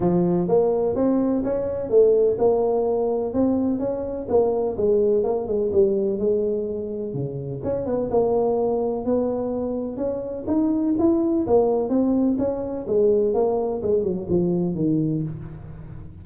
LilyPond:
\new Staff \with { instrumentName = "tuba" } { \time 4/4 \tempo 4 = 126 f4 ais4 c'4 cis'4 | a4 ais2 c'4 | cis'4 ais4 gis4 ais8 gis8 | g4 gis2 cis4 |
cis'8 b8 ais2 b4~ | b4 cis'4 dis'4 e'4 | ais4 c'4 cis'4 gis4 | ais4 gis8 fis8 f4 dis4 | }